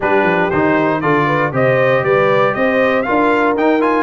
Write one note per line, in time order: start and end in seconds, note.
0.00 0.23 G3
0.00 0.51 D4
0.00 1.00 G4
0.00 0.50 B4
0.23 0.48 F3
0.50 1.03 D#3
0.50 1.02 D#4
0.50 1.00 C5
1.00 1.52 D3
1.00 1.52 F4
1.00 1.26 A4
1.00 1.51 D5
1.26 1.51 B4
1.52 2.03 C3
1.52 3.04 G4
1.52 2.03 C5
1.52 2.03 D#5
2.03 2.53 G3
2.03 2.54 B4
2.03 2.54 D5
2.54 3.06 C4
2.54 3.05 C5
2.54 3.02 D#5
3.02 3.56 F4
3.02 4.03 A#4
3.02 3.53 F5
3.09 3.56 D4
3.56 3.81 D#4
3.56 4.03 D#4
3.56 3.81 G5
3.81 4.03 F4
3.81 4.03 G#5